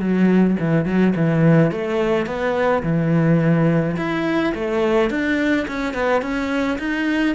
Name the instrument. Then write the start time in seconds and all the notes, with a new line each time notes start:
cello
0.00 F#3
0.60 E3
0.85 F#3
1.16 E3
1.72 A3
2.26 B3
2.83 E3
3.97 E4
4.55 A3
5.10 D4
5.68 C#4
5.94 B3
6.22 C#4
6.79 D#4